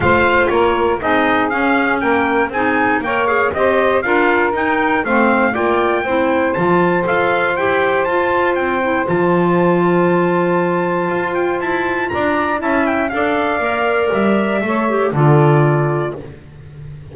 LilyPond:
<<
  \new Staff \with { instrumentName = "trumpet" } { \time 4/4 \tempo 4 = 119 f''4 cis''4 dis''4 f''4 | g''4 gis''4 g''8 f''8 dis''4 | f''4 g''4 f''4 g''4~ | g''4 a''4 f''4 g''4 |
a''4 g''4 a''2~ | a''2~ a''8 g''8 a''4 | ais''4 a''8 g''8 f''2 | e''2 d''2 | }
  \new Staff \with { instrumentName = "saxophone" } { \time 4/4 c''4 ais'4 gis'2 | ais'4 gis'4 cis''4 c''4 | ais'2 c''4 d''4 | c''1~ |
c''1~ | c''1 | d''4 e''4 d''2~ | d''4 cis''4 a'2 | }
  \new Staff \with { instrumentName = "clarinet" } { \time 4/4 f'2 dis'4 cis'4~ | cis'4 dis'4 ais'8 gis'8 g'4 | f'4 dis'4 c'4 f'4 | e'4 f'4 a'4 g'4 |
f'4. e'8 f'2~ | f'1~ | f'4 e'4 a'4 ais'4~ | ais'4 a'8 g'8 f'2 | }
  \new Staff \with { instrumentName = "double bass" } { \time 4/4 a4 ais4 c'4 cis'4 | ais4 c'4 ais4 c'4 | d'4 dis'4 a4 ais4 | c'4 f4 f'4 e'4 |
f'4 c'4 f2~ | f2 f'4 e'4 | d'4 cis'4 d'4 ais4 | g4 a4 d2 | }
>>